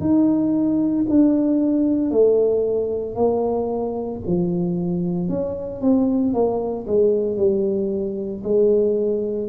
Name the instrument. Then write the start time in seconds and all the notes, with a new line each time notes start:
tuba
0.00 D#4
1.09 D4
2.11 A3
3.15 A#3
4.26 F3
5.28 C#4
5.80 C4
6.33 A#3
6.86 G#3
7.36 G3
8.44 G#3